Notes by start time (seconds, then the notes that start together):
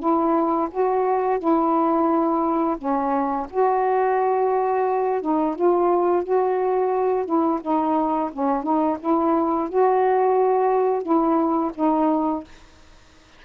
0.00 E4
0.71 F#4
1.39 E4
2.78 C#4
3.51 F#4
5.22 D#4
5.56 F4
6.24 F#4
7.26 E4
7.62 D#4
8.33 C#4
8.64 D#4
9.00 E4
9.70 F#4
11.03 E4
11.75 D#4